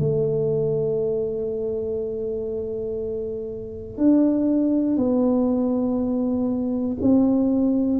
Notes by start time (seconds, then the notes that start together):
0.00 A3
3.98 D4
4.97 B3
7.01 C4